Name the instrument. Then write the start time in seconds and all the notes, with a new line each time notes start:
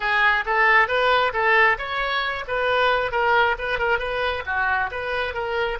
oboe
0.00 G#4
0.45 A4
0.88 B4
1.33 A4
1.78 C#5
2.47 B4
3.11 A#4
3.58 B4
3.78 A#4
3.99 B4
4.46 F#4
4.91 B4
5.34 A#4